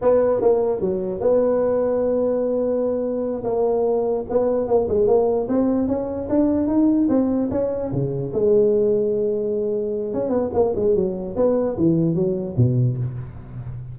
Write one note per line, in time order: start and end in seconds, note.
0.01 0.41 B3
0.41 0.80 A#3
0.80 1.20 F#3
1.20 3.43 B3
3.43 4.25 A#3
4.29 4.67 B3
4.67 4.87 A#3
4.88 5.07 G#3
5.07 5.47 A#3
5.48 5.87 C4
5.87 6.28 C#4
6.29 6.67 D4
6.67 7.07 D#4
7.08 7.49 C4
7.51 7.91 C#4
7.91 8.32 C#3
8.33 10.13 G#3
10.13 10.29 C#4
10.29 10.49 B3
10.53 10.73 A#3
10.75 10.95 G#3
10.95 11.35 F#3
11.36 11.76 B3
11.77 12.14 E3
12.14 12.55 F#3
12.56 12.97 B2